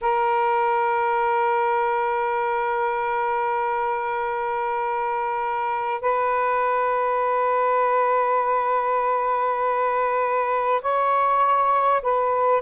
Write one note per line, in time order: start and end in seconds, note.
0.01 6.01 A#4
6.01 10.81 B4
10.81 12.01 C#5
12.02 12.61 B4